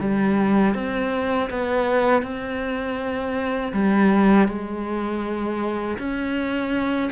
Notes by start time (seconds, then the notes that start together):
0.00 G3
0.75 C4
1.50 B3
2.23 C4
3.73 G3
4.48 G#3
5.99 C#4